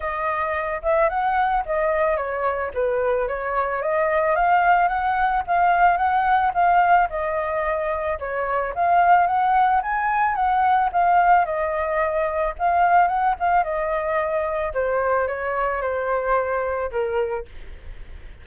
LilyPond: \new Staff \with { instrumentName = "flute" } { \time 4/4 \tempo 4 = 110 dis''4. e''8 fis''4 dis''4 | cis''4 b'4 cis''4 dis''4 | f''4 fis''4 f''4 fis''4 | f''4 dis''2 cis''4 |
f''4 fis''4 gis''4 fis''4 | f''4 dis''2 f''4 | fis''8 f''8 dis''2 c''4 | cis''4 c''2 ais'4 | }